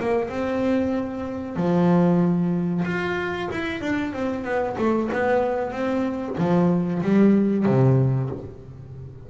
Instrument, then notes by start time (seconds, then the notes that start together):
double bass
0.00 A#3
0.29 C4
1.56 F3
2.85 F4
3.51 E4
3.81 D4
4.13 C4
4.44 B3
4.78 A3
5.12 B3
5.72 C4
6.38 F3
7.02 G3
7.66 C3